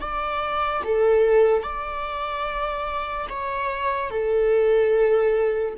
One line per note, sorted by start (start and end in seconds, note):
0.00 0.82 D5
0.84 1.63 A4
1.63 3.27 D5
3.29 4.09 C#5
4.09 5.74 A4